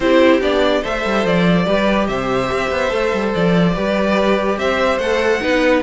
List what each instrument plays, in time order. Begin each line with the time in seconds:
0.00 cello C4, viola E4, violin G4 C5
0.40 cello B3, viola D4, violin D5
0.81 cello A3, viola A4, violin C5 E5
1.05 cello G3
1.25 cello F3, violin D5
1.65 cello G3, viola G4, violin B4
2.06 cello C3, violin C5 E5
2.51 cello C4
2.71 cello B3
2.89 cello A3, viola A4
3.13 cello G3
3.34 cello F3, violin D5
3.74 cello G3, viola G4, violin B4
4.57 cello C4, violin C5 E5
4.98 cello A3, viola A4, violin F#5
5.41 cello B3, viola D#4, violin B4